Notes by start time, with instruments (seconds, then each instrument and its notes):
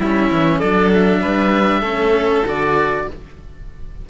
0.00 cello G3 C#4, violin E4, oboe E5
0.32 cello E3
0.59 cello F#3 D4, violin A4, oboe D5
0.94 oboe E5
1.22 cello G3, violin B4
1.80 cello A3 C#4, violin A4
2.46 cello D3 F#4, oboe D5